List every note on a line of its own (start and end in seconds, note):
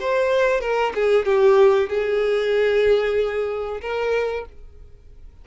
0.00 0.61 C5
0.61 0.93 A#4
0.95 1.25 G#4
1.25 1.89 G4
1.89 3.81 G#4
3.82 4.45 A#4